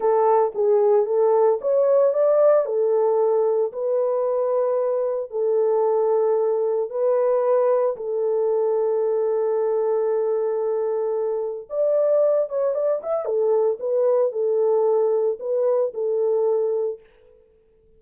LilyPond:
\new Staff \with { instrumentName = "horn" } { \time 4/4 \tempo 4 = 113 a'4 gis'4 a'4 cis''4 | d''4 a'2 b'4~ | b'2 a'2~ | a'4 b'2 a'4~ |
a'1~ | a'2 d''4. cis''8 | d''8 e''8 a'4 b'4 a'4~ | a'4 b'4 a'2 | }